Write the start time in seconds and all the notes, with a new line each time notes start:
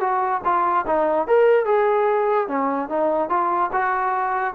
0.00 F#4
0.44 F4
0.86 D#4
1.27 A#4
1.65 G#4
2.48 C#4
2.89 D#4
3.29 F4
3.72 F#4